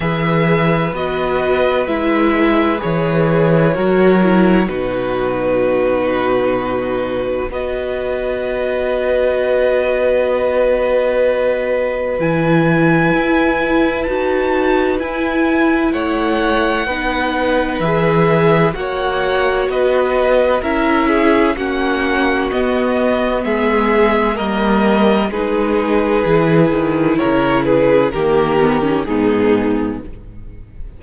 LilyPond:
<<
  \new Staff \with { instrumentName = "violin" } { \time 4/4 \tempo 4 = 64 e''4 dis''4 e''4 cis''4~ | cis''4 b'2. | dis''1~ | dis''4 gis''2 a''4 |
gis''4 fis''2 e''4 | fis''4 dis''4 e''4 fis''4 | dis''4 e''4 dis''4 b'4~ | b'4 cis''8 b'8 ais'4 gis'4 | }
  \new Staff \with { instrumentName = "violin" } { \time 4/4 b'1 | ais'4 fis'2. | b'1~ | b'1~ |
b'4 cis''4 b'2 | cis''4 b'4 ais'8 gis'8 fis'4~ | fis'4 gis'4 ais'4 gis'4~ | gis'4 ais'8 gis'8 g'4 dis'4 | }
  \new Staff \with { instrumentName = "viola" } { \time 4/4 gis'4 fis'4 e'4 gis'4 | fis'8 e'8 dis'2. | fis'1~ | fis'4 e'2 fis'4 |
e'2 dis'4 gis'4 | fis'2 e'4 cis'4 | b2 ais4 dis'4 | e'2 ais8 b16 cis'16 b4 | }
  \new Staff \with { instrumentName = "cello" } { \time 4/4 e4 b4 gis4 e4 | fis4 b,2. | b1~ | b4 e4 e'4 dis'4 |
e'4 a4 b4 e4 | ais4 b4 cis'4 ais4 | b4 gis4 g4 gis4 | e8 dis8 cis4 dis4 gis,4 | }
>>